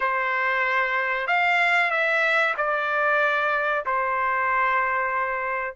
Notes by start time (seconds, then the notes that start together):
0.00 C5
1.27 F5
1.90 E5
2.57 D5
3.85 C5